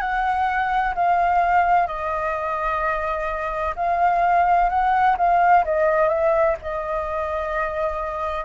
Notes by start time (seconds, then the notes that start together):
0.00 F#5
0.95 F5
1.87 D#5
3.75 F5
4.69 F#5
5.17 F5
5.64 D#5
6.09 E5
6.61 D#5